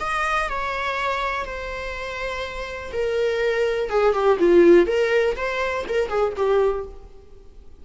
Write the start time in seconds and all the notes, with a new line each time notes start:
0.00 D#5
0.49 C#5
1.45 C5
2.93 A#4
3.90 G#4
4.13 G4
4.39 F4
4.87 A#4
5.36 C5
5.89 A#4
6.09 G#4
6.37 G4